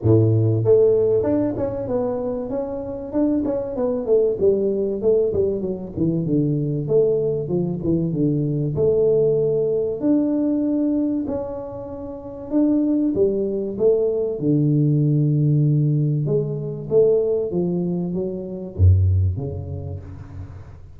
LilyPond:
\new Staff \with { instrumentName = "tuba" } { \time 4/4 \tempo 4 = 96 a,4 a4 d'8 cis'8 b4 | cis'4 d'8 cis'8 b8 a8 g4 | a8 g8 fis8 e8 d4 a4 | f8 e8 d4 a2 |
d'2 cis'2 | d'4 g4 a4 d4~ | d2 gis4 a4 | f4 fis4 fis,4 cis4 | }